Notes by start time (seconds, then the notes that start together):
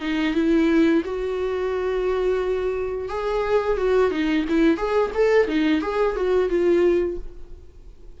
0.00 D#4
0.34 E4
1.04 F#4
3.08 G#4
3.77 F#4
4.11 D#4
4.48 E4
4.77 G#4
5.14 A4
5.47 D#4
5.81 G#4
6.15 F#4
6.49 F4